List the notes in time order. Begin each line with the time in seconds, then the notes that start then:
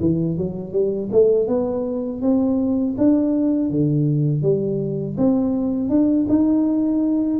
0.00 E3
0.37 F#3
0.72 G3
1.11 A3
1.47 B3
2.21 C4
2.97 D4
3.70 D3
4.42 G3
5.17 C4
5.89 D4
6.28 D#4